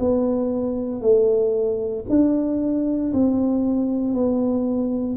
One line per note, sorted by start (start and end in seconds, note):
0.00 1.02 B3
1.02 2.05 A3
2.10 3.13 D4
3.14 4.14 C4
4.14 5.17 B3